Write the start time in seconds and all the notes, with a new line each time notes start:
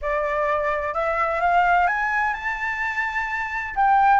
0.01 D5
0.94 E5
1.40 F5
1.87 G#5
2.33 A5
3.75 G5